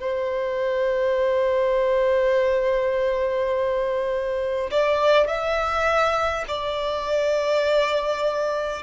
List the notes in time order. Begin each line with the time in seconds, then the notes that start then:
0.00 C5
4.71 D5
5.27 E5
6.48 D5